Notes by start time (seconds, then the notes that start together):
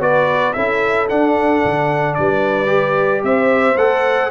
0.00 B3 F#4 B4 D5
0.53 C#4 E4 A4 E5
1.09 D4 F#5
1.65 D3
2.15 G3 B4 D5
2.67 G4
3.23 C4 C5 E5
3.77 A3 A4 F#5